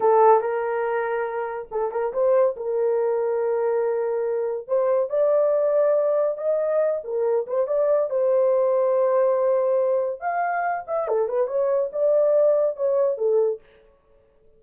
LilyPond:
\new Staff \with { instrumentName = "horn" } { \time 4/4 \tempo 4 = 141 a'4 ais'2. | a'8 ais'8 c''4 ais'2~ | ais'2. c''4 | d''2. dis''4~ |
dis''8 ais'4 c''8 d''4 c''4~ | c''1 | f''4. e''8 a'8 b'8 cis''4 | d''2 cis''4 a'4 | }